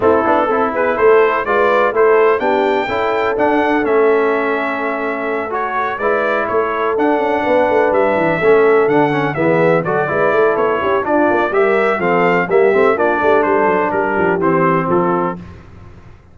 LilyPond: <<
  \new Staff \with { instrumentName = "trumpet" } { \time 4/4 \tempo 4 = 125 a'4. b'8 c''4 d''4 | c''4 g''2 fis''4 | e''2.~ e''8 cis''8~ | cis''8 d''4 cis''4 fis''4.~ |
fis''8 e''2 fis''4 e''8~ | e''8 d''4. cis''4 d''4 | e''4 f''4 e''4 d''4 | c''4 ais'4 c''4 a'4 | }
  \new Staff \with { instrumentName = "horn" } { \time 4/4 e'4 a'8 gis'8 a'4 b'4 | a'4 g'4 a'2~ | a'1~ | a'8 b'4 a'2 b'8~ |
b'4. a'2 gis'8~ | gis'8 a'8 b'8 a'4 g'8 f'4 | ais'4 a'4 g'4 f'8 g'8 | a'4 g'2 f'4 | }
  \new Staff \with { instrumentName = "trombone" } { \time 4/4 c'8 d'8 e'2 f'4 | e'4 d'4 e'4 d'4 | cis'2.~ cis'8 fis'8~ | fis'8 e'2 d'4.~ |
d'4. cis'4 d'8 cis'8 b8~ | b8 fis'8 e'2 d'4 | g'4 c'4 ais8 c'8 d'4~ | d'2 c'2 | }
  \new Staff \with { instrumentName = "tuba" } { \time 4/4 a8 b8 c'8 b8 a4 gis4 | a4 b4 cis'4 d'4 | a1~ | a8 gis4 a4 d'8 cis'8 b8 |
a8 g8 e8 a4 d4 e8~ | e8 fis8 gis8 a8 b8 cis'8 d'8 ais8 | g4 f4 g8 a8 ais8 a8 | g8 fis8 g8 f8 e4 f4 | }
>>